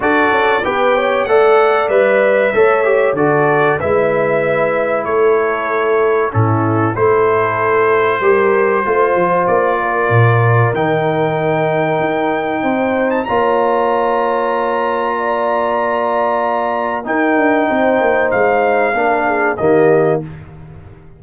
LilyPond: <<
  \new Staff \with { instrumentName = "trumpet" } { \time 4/4 \tempo 4 = 95 d''4 g''4 fis''4 e''4~ | e''4 d''4 e''2 | cis''2 a'4 c''4~ | c''2. d''4~ |
d''4 g''2.~ | g''8. a''16 ais''2.~ | ais''2. g''4~ | g''4 f''2 dis''4 | }
  \new Staff \with { instrumentName = "horn" } { \time 4/4 a'4 b'8 cis''8 d''2 | cis''4 a'4 b'2 | a'2 e'4 a'4~ | a'4 ais'4 c''4. ais'8~ |
ais'1 | c''4 cis''2. | d''2. ais'4 | c''2 ais'8 gis'8 g'4 | }
  \new Staff \with { instrumentName = "trombone" } { \time 4/4 fis'4 g'4 a'4 b'4 | a'8 g'8 fis'4 e'2~ | e'2 cis'4 e'4~ | e'4 g'4 f'2~ |
f'4 dis'2.~ | dis'4 f'2.~ | f'2. dis'4~ | dis'2 d'4 ais4 | }
  \new Staff \with { instrumentName = "tuba" } { \time 4/4 d'8 cis'8 b4 a4 g4 | a4 d4 gis2 | a2 a,4 a4~ | a4 g4 a8 f8 ais4 |
ais,4 dis2 dis'4 | c'4 ais2.~ | ais2. dis'8 d'8 | c'8 ais8 gis4 ais4 dis4 | }
>>